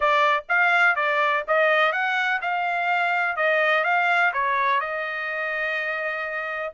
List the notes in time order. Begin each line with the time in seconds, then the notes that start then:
0.00 D5
0.48 F5
0.95 D5
1.47 D#5
1.92 F#5
2.41 F5
3.36 D#5
3.84 F5
4.33 C#5
4.80 D#5